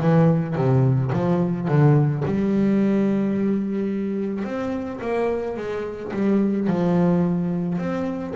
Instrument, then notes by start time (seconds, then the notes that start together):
double bass
0.00 E3
0.56 C3
1.13 F3
1.68 D3
2.25 G3
4.44 C4
5.02 A#3
5.57 G#3
6.13 G3
6.68 F3
7.79 C4